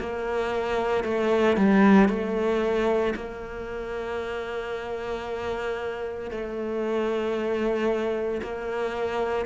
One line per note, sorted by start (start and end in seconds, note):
0.00 1.05 A#3
1.05 1.57 A3
1.57 2.09 G3
2.09 3.14 A3
3.15 6.31 A#3
6.31 8.42 A3
8.43 9.46 A#3